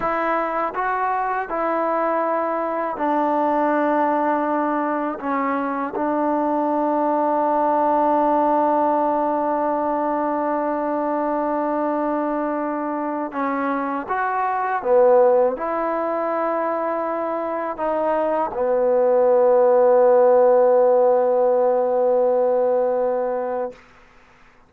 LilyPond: \new Staff \with { instrumentName = "trombone" } { \time 4/4 \tempo 4 = 81 e'4 fis'4 e'2 | d'2. cis'4 | d'1~ | d'1~ |
d'2 cis'4 fis'4 | b4 e'2. | dis'4 b2.~ | b1 | }